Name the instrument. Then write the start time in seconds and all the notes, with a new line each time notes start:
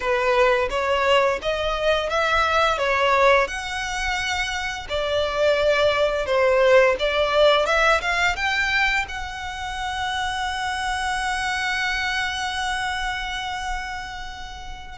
violin
0.00 B4
0.70 C#5
1.41 D#5
2.09 E5
2.77 C#5
3.47 F#5
4.89 D5
6.25 C5
6.99 D5
7.66 E5
8.01 F5
8.36 G5
9.08 F#5